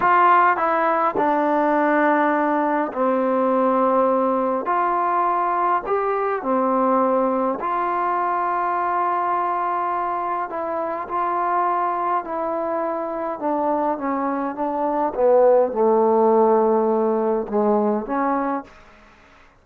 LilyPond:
\new Staff \with { instrumentName = "trombone" } { \time 4/4 \tempo 4 = 103 f'4 e'4 d'2~ | d'4 c'2. | f'2 g'4 c'4~ | c'4 f'2.~ |
f'2 e'4 f'4~ | f'4 e'2 d'4 | cis'4 d'4 b4 a4~ | a2 gis4 cis'4 | }